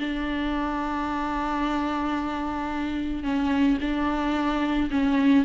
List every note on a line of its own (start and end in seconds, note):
0.00 3.24 D4
3.24 3.78 C#4
3.81 4.90 D4
4.91 5.45 C#4